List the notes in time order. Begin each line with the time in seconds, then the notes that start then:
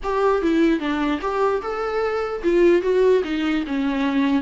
0.03 G4
0.42 E4
0.79 D4
1.21 G4
1.61 A4
2.43 F4
2.82 F#4
3.24 D#4
3.66 C#4